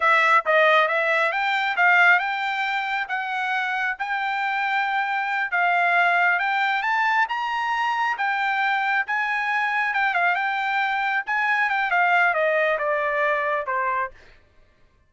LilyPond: \new Staff \with { instrumentName = "trumpet" } { \time 4/4 \tempo 4 = 136 e''4 dis''4 e''4 g''4 | f''4 g''2 fis''4~ | fis''4 g''2.~ | g''8 f''2 g''4 a''8~ |
a''8 ais''2 g''4.~ | g''8 gis''2 g''8 f''8 g''8~ | g''4. gis''4 g''8 f''4 | dis''4 d''2 c''4 | }